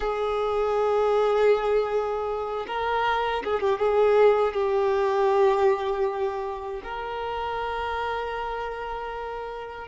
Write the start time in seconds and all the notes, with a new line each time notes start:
0.00 G#4
2.67 A#4
3.44 G#4
3.60 G4
3.79 G#4
4.53 G4
6.83 A#4